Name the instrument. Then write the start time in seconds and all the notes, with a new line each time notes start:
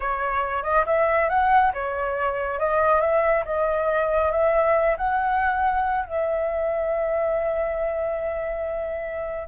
flute
0.00 C#5
0.63 D#5
0.86 E5
1.29 F#5
1.73 C#5
2.59 D#5
3.00 E5
3.45 D#5
4.31 E5
4.97 F#5
6.05 E5